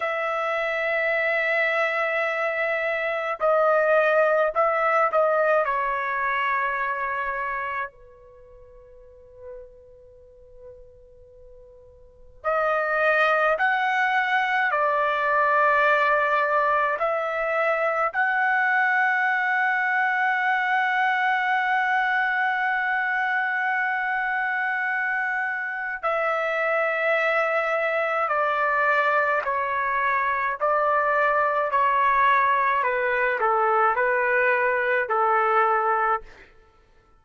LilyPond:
\new Staff \with { instrumentName = "trumpet" } { \time 4/4 \tempo 4 = 53 e''2. dis''4 | e''8 dis''8 cis''2 b'4~ | b'2. dis''4 | fis''4 d''2 e''4 |
fis''1~ | fis''2. e''4~ | e''4 d''4 cis''4 d''4 | cis''4 b'8 a'8 b'4 a'4 | }